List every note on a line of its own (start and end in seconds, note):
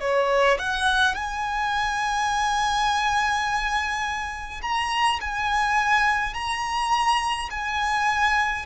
0.00 0.58 C#5
0.59 1.15 F#5
1.15 4.61 G#5
4.62 5.19 A#5
5.21 6.34 G#5
6.34 7.49 A#5
7.50 8.65 G#5